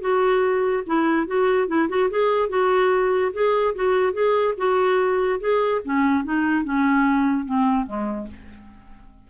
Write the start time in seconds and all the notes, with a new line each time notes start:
0.00 F#4
0.86 E4
1.27 F#4
1.67 E4
1.89 F#4
2.10 G#4
2.48 F#4
3.33 G#4
3.75 F#4
4.12 G#4
4.57 F#4
5.40 G#4
5.84 C#4
6.24 D#4
6.64 C#4
7.45 C4
7.86 G#3